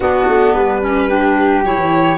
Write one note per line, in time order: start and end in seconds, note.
0.00 0.27 B3
0.00 0.82 B3
0.00 1.06 D4
0.00 0.54 F#4
0.28 0.54 A3
0.54 1.63 G3
0.54 1.63 B4
0.82 1.09 C#4
1.09 1.63 D4
1.09 2.17 G4
1.63 1.75 F#3
1.63 2.17 E4
1.63 2.17 C#5
1.75 2.16 E3